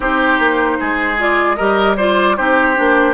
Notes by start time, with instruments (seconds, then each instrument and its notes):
0.00 bassoon C4, clarinet D#4, oboe G4, flute C5
0.39 bassoon A#3
0.80 bassoon G#3, oboe G#4
1.17 clarinet F4, flute D5
1.56 bassoon G3, clarinet G4, oboe A#4, flute D#5
1.97 clarinet F4, oboe C5, flute D5
2.36 bassoon C4, clarinet D#4, oboe G4, flute C5
2.74 bassoon A#3, clarinet D4